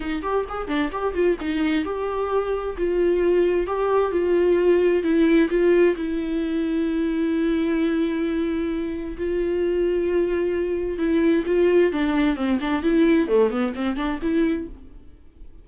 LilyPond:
\new Staff \with { instrumentName = "viola" } { \time 4/4 \tempo 4 = 131 dis'8 g'8 gis'8 d'8 g'8 f'8 dis'4 | g'2 f'2 | g'4 f'2 e'4 | f'4 e'2.~ |
e'1 | f'1 | e'4 f'4 d'4 c'8 d'8 | e'4 a8 b8 c'8 d'8 e'4 | }